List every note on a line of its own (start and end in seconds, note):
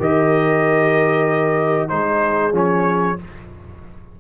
0.00 1.92 D#3
0.00 1.89 G4
0.00 1.91 A#4
0.00 1.89 D#5
1.89 2.53 G#3
1.89 2.53 D#4
1.89 3.20 G#4
1.89 2.53 C5
2.53 3.16 F3
2.53 3.17 C#4
2.53 3.20 C#5